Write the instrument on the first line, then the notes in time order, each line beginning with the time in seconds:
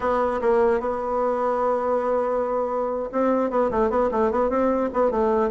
bassoon
0.00 B3
0.41 A#3
0.79 B3
3.12 C4
3.50 B3
3.70 A3
3.89 B3
4.11 A3
4.31 B3
4.49 C4
4.93 B3
5.10 A3